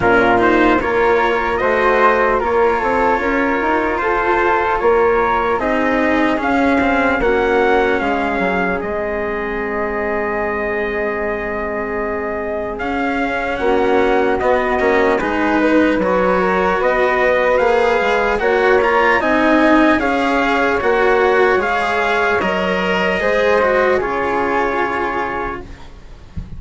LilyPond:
<<
  \new Staff \with { instrumentName = "trumpet" } { \time 4/4 \tempo 4 = 75 ais'8 c''8 cis''4 dis''4 cis''4~ | cis''4 c''4 cis''4 dis''4 | f''4 fis''4 f''4 dis''4~ | dis''1 |
f''4 fis''4 dis''4 b'4 | cis''4 dis''4 f''4 fis''8 ais''8 | gis''4 f''4 fis''4 f''4 | dis''2 cis''2 | }
  \new Staff \with { instrumentName = "flute" } { \time 4/4 f'4 ais'4 c''4 ais'8 a'8 | ais'4 a'4 ais'4 gis'4~ | gis'4 fis'4 gis'2~ | gis'1~ |
gis'4 fis'2 gis'8 b'8~ | b'8 ais'8 b'2 cis''4 | dis''4 cis''2.~ | cis''4 c''4 gis'2 | }
  \new Staff \with { instrumentName = "cello" } { \time 4/4 cis'8 dis'8 f'4 fis'4 f'4~ | f'2. dis'4 | cis'8 c'8 cis'2 c'4~ | c'1 |
cis'2 b8 cis'8 dis'4 | fis'2 gis'4 fis'8 f'8 | dis'4 gis'4 fis'4 gis'4 | ais'4 gis'8 fis'8 f'2 | }
  \new Staff \with { instrumentName = "bassoon" } { \time 4/4 ais,4 ais4 a4 ais8 c'8 | cis'8 dis'8 f'4 ais4 c'4 | cis'4 ais4 gis8 fis8 gis4~ | gis1 |
cis'4 ais4 b8 ais8 gis4 | fis4 b4 ais8 gis8 ais4 | c'4 cis'4 ais4 gis4 | fis4 gis4 cis2 | }
>>